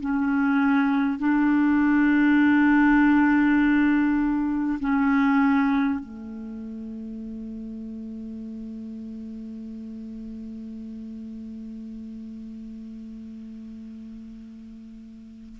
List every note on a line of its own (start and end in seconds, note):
0.00 1.19 C#4
1.19 4.79 D4
4.79 5.99 C#4
5.99 15.59 A3